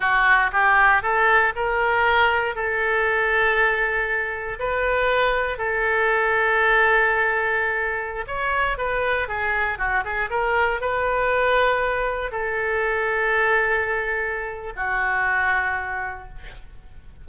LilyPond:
\new Staff \with { instrumentName = "oboe" } { \time 4/4 \tempo 4 = 118 fis'4 g'4 a'4 ais'4~ | ais'4 a'2.~ | a'4 b'2 a'4~ | a'1~ |
a'16 cis''4 b'4 gis'4 fis'8 gis'16~ | gis'16 ais'4 b'2~ b'8.~ | b'16 a'2.~ a'8.~ | a'4 fis'2. | }